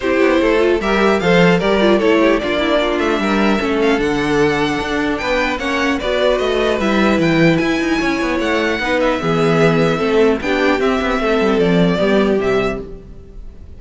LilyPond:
<<
  \new Staff \with { instrumentName = "violin" } { \time 4/4 \tempo 4 = 150 c''2 e''4 f''4 | d''4 cis''4 d''4. e''8~ | e''4. f''8 fis''2~ | fis''4 g''4 fis''4 d''4 |
dis''4 e''4 g''4 gis''4~ | gis''4 fis''4. e''4.~ | e''2 g''4 e''4~ | e''4 d''2 e''4 | }
  \new Staff \with { instrumentName = "violin" } { \time 4/4 g'4 a'4 ais'4 c''4 | ais'4 a'8 g'8 f'8 e'8 f'4 | ais'4 a'2.~ | a'4 b'4 cis''4 b'4~ |
b'1 | cis''2 b'4 gis'4~ | gis'4 a'4 g'2 | a'2 g'2 | }
  \new Staff \with { instrumentName = "viola" } { \time 4/4 e'4. f'8 g'4 a'4 | g'8 f'8 e'4 d'2~ | d'4 cis'4 d'2~ | d'2 cis'4 fis'4~ |
fis'4 e'2.~ | e'2 dis'4 b4~ | b4 c'4 d'4 c'4~ | c'2 b4 g4 | }
  \new Staff \with { instrumentName = "cello" } { \time 4/4 c'8 b8 a4 g4 f4 | g4 a4 ais4. a8 | g4 a4 d2 | d'4 b4 ais4 b4 |
a4 g4 e4 e'8 dis'8 | cis'8 b8 a4 b4 e4~ | e4 a4 b4 c'8 b8 | a8 g8 f4 g4 c4 | }
>>